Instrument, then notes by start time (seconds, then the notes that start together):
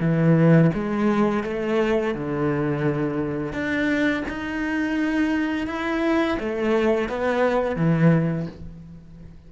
cello
0.00 E3
0.74 G#3
1.43 A3
2.14 D3
3.52 D4
4.28 D#4
5.67 E4
6.39 A3
7.09 B3
7.76 E3